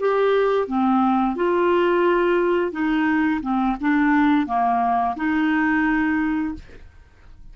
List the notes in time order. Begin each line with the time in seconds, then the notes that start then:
0.00 G4
0.68 C4
1.36 F4
2.72 D#4
3.42 C4
3.81 D4
4.47 A#3
5.17 D#4